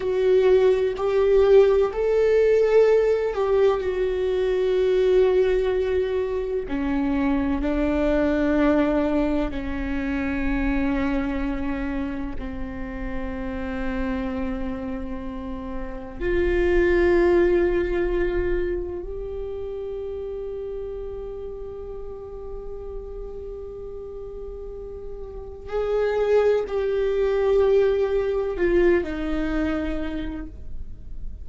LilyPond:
\new Staff \with { instrumentName = "viola" } { \time 4/4 \tempo 4 = 63 fis'4 g'4 a'4. g'8 | fis'2. cis'4 | d'2 cis'2~ | cis'4 c'2.~ |
c'4 f'2. | g'1~ | g'2. gis'4 | g'2 f'8 dis'4. | }